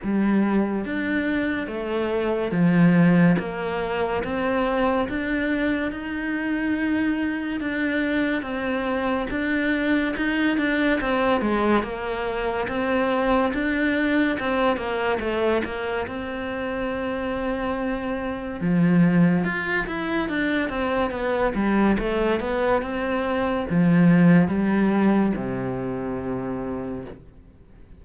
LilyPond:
\new Staff \with { instrumentName = "cello" } { \time 4/4 \tempo 4 = 71 g4 d'4 a4 f4 | ais4 c'4 d'4 dis'4~ | dis'4 d'4 c'4 d'4 | dis'8 d'8 c'8 gis8 ais4 c'4 |
d'4 c'8 ais8 a8 ais8 c'4~ | c'2 f4 f'8 e'8 | d'8 c'8 b8 g8 a8 b8 c'4 | f4 g4 c2 | }